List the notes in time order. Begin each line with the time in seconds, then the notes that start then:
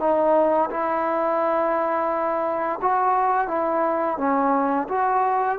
0.00 D#4
0.71 E4
2.82 F#4
3.48 E4
4.18 C#4
4.89 F#4